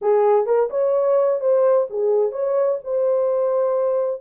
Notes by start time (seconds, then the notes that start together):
0.01 G#4
0.46 A#4
0.69 C#5
1.40 C5
1.90 G#4
2.31 C#5
2.84 C5